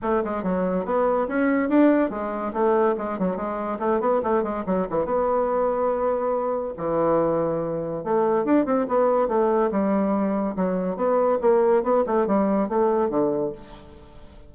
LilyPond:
\new Staff \with { instrumentName = "bassoon" } { \time 4/4 \tempo 4 = 142 a8 gis8 fis4 b4 cis'4 | d'4 gis4 a4 gis8 fis8 | gis4 a8 b8 a8 gis8 fis8 e8 | b1 |
e2. a4 | d'8 c'8 b4 a4 g4~ | g4 fis4 b4 ais4 | b8 a8 g4 a4 d4 | }